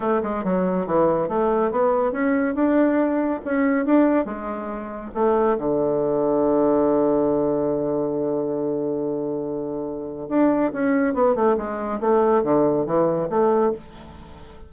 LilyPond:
\new Staff \with { instrumentName = "bassoon" } { \time 4/4 \tempo 4 = 140 a8 gis8 fis4 e4 a4 | b4 cis'4 d'2 | cis'4 d'4 gis2 | a4 d2.~ |
d1~ | d1 | d'4 cis'4 b8 a8 gis4 | a4 d4 e4 a4 | }